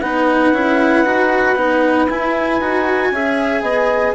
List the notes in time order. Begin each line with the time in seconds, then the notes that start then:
0.00 B3 D#4 B4 F#5
0.52 C#4 E4
1.05 D#4 F#4
1.56 B3 D#4
2.08 E4 G#5
2.60 D#4 F#4
3.12 C#4 G#4 E5
3.62 B3 D#5